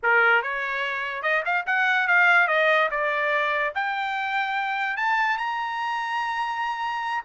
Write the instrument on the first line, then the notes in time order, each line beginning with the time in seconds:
trumpet
0.03 A#4
0.42 C#5
1.22 D#5
1.45 F5
1.66 F#5
2.07 F5
2.47 D#5
2.91 D5
3.74 G5
4.96 A5
5.37 A#5